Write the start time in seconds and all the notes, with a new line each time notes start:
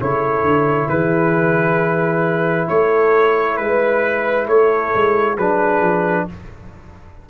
0.00 C#3 E4 A4 C#5
0.41 D3
0.89 E3 G#4 B4
2.68 A3 A4 C#5
3.57 G#3 B4
4.47 A3 A4 C#5
4.94 G#3
5.35 F#3 D4 G#4 B4
5.81 F3